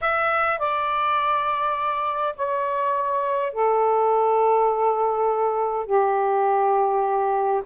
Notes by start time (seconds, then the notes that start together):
0.01 E5
0.58 D5
2.35 C#5
3.52 A4
5.86 G4